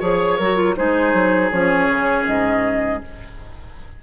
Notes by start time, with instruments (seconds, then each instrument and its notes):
0.00 bassoon F3, clarinet G#4, oboe C#5, flute C#5
0.38 bassoon F#3, clarinet F#4, flute A#4
0.56 clarinet F4
0.76 bassoon G#3, clarinet D#4, oboe G#4, flute C5
1.13 bassoon F#3
1.51 bassoon F3, clarinet C#4, flute C#5
1.89 bassoon C#3
2.27 bassoon G#2, flute D#5